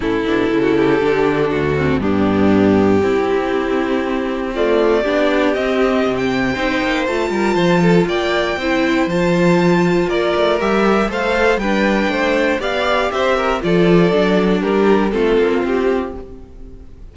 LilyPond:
<<
  \new Staff \with { instrumentName = "violin" } { \time 4/4 \tempo 4 = 119 a'1 | g'1~ | g'4 d''2 dis''4~ | dis''16 g''4.~ g''16 a''2 |
g''2 a''2 | d''4 e''4 f''4 g''4~ | g''4 f''4 e''4 d''4~ | d''4 ais'4 a'4 g'4 | }
  \new Staff \with { instrumentName = "violin" } { \time 4/4 e'4~ e'16 fis'16 g'4. fis'4 | d'2 e'2~ | e'4 f'4 g'2~ | g'4 c''4. ais'8 c''8 a'8 |
d''4 c''2. | ais'2 c''4 b'4 | c''4 d''4 c''8 ais'8 a'4~ | a'4 g'4 f'2 | }
  \new Staff \with { instrumentName = "viola" } { \time 4/4 cis'8 d'8 e'4 d'4. c'8 | b2 c'2~ | c'4 a4 d'4 c'4~ | c'4 dis'4 f'2~ |
f'4 e'4 f'2~ | f'4 g'4 a'4 d'4~ | d'4 g'2 f'4 | d'2 c'2 | }
  \new Staff \with { instrumentName = "cello" } { \time 4/4 a,8 b,8 cis4 d4 d,4 | g,2 c'2~ | c'2 b4 c'4 | c4 c'8 ais8 a8 g8 f4 |
ais4 c'4 f2 | ais8 a8 g4 a4 g4 | a4 b4 c'4 f4 | fis4 g4 a8 ais8 c'4 | }
>>